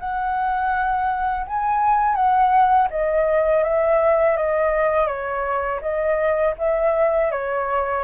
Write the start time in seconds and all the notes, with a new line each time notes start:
0.00 F#5
1.47 G#5
2.15 F#5
2.90 D#5
3.64 E5
4.36 D#5
5.07 C#5
5.82 D#5
6.58 E5
7.31 C#5